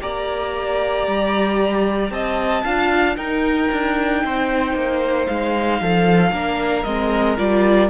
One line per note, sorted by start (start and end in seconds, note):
0.00 1.07 A#3
0.00 2.63 G4
0.00 2.12 D5
0.00 2.11 A#5
1.07 2.10 G3
2.10 2.63 C4
2.10 2.64 D#5
2.10 3.16 A5
2.64 3.16 D4
2.64 3.16 F4
2.64 3.16 F5
3.16 3.69 D#4
3.16 6.32 D#4
3.16 4.22 A#4
3.16 5.26 G5
3.71 4.24 D4
4.24 4.74 C4
4.24 5.80 C5
4.74 5.27 A#3
5.26 5.80 G#3
5.26 6.83 F5
5.80 6.31 F3
5.80 6.33 A4
6.31 6.84 A#3
6.31 6.85 D4
6.31 7.89 A#4
6.83 7.38 G#3
6.83 7.37 C4
6.83 7.36 D#5
7.37 7.89 G3
7.37 7.89 F4
7.37 7.89 D5